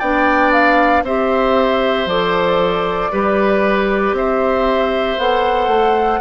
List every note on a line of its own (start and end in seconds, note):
0.00 1.04 B3
0.00 1.05 D4
0.00 1.03 D5
0.00 0.52 G5
0.53 1.04 F5
1.04 2.06 C4
1.04 2.09 G4
1.04 3.12 C5
1.04 2.09 E5
2.06 3.10 F3
2.06 3.12 A4
2.06 4.16 D5
3.12 4.13 G3
3.12 5.19 G4
3.12 4.16 B4
4.13 5.16 C4
4.13 6.21 C5
4.13 5.20 E5
5.19 5.68 B3
5.19 6.21 A4
5.19 6.21 F#5
5.68 6.20 A3